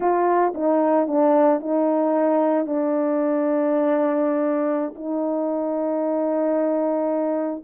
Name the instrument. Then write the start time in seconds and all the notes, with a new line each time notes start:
horn
0.00 F4
0.54 D#4
1.07 D4
1.60 D#4
2.66 D4
4.95 D#4